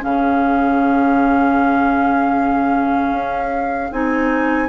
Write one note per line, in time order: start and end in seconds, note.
0.00 3.12 C#3
0.00 3.90 C#4
0.00 4.70 G#4
0.00 3.93 F5
3.12 3.90 C#4
3.92 4.70 C4
3.92 4.70 D#4
3.92 4.70 G#5